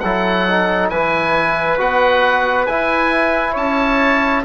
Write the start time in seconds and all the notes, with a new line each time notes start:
0.00 F#3 E4 A4 F#5
0.49 D#4
0.90 E3 E4 B4 G#5
1.78 B3 F#4 F#5
2.66 E4 G#5
3.52 C#4 C#5 A5